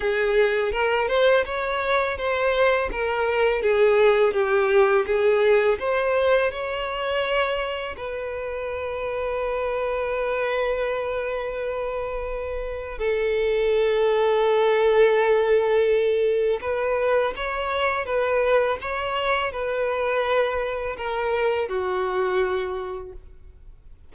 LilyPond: \new Staff \with { instrumentName = "violin" } { \time 4/4 \tempo 4 = 83 gis'4 ais'8 c''8 cis''4 c''4 | ais'4 gis'4 g'4 gis'4 | c''4 cis''2 b'4~ | b'1~ |
b'2 a'2~ | a'2. b'4 | cis''4 b'4 cis''4 b'4~ | b'4 ais'4 fis'2 | }